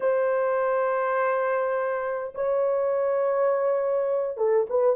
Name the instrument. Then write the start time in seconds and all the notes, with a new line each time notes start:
horn
0.00 C5
2.35 C#5
4.37 A4
4.69 B4